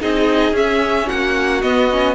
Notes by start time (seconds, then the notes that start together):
0.00 C4 D#4 G#4 D#5
0.52 C#4 E5
1.06 A#3 F#4 F#5
1.61 B3 D#5
1.91 C#4